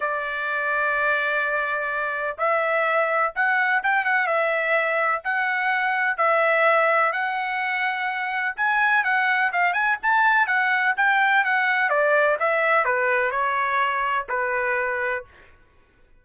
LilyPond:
\new Staff \with { instrumentName = "trumpet" } { \time 4/4 \tempo 4 = 126 d''1~ | d''4 e''2 fis''4 | g''8 fis''8 e''2 fis''4~ | fis''4 e''2 fis''4~ |
fis''2 gis''4 fis''4 | f''8 gis''8 a''4 fis''4 g''4 | fis''4 d''4 e''4 b'4 | cis''2 b'2 | }